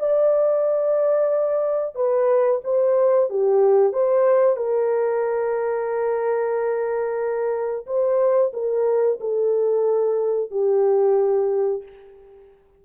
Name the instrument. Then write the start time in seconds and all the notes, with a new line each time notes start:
horn
0.00 D5
1.95 B4
2.64 C5
3.30 G4
3.93 C5
4.57 A#4
7.87 C5
8.54 A#4
9.21 A4
10.51 G4